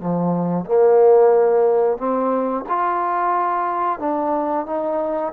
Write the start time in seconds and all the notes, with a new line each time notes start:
0.00 F3
0.65 A#3
1.98 C4
2.69 F4
3.99 D4
4.66 D#4